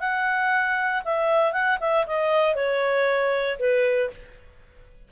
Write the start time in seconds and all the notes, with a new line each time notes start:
0.00 F#5
1.05 E5
1.53 F#5
1.80 E5
2.07 D#5
2.55 C#5
3.59 B4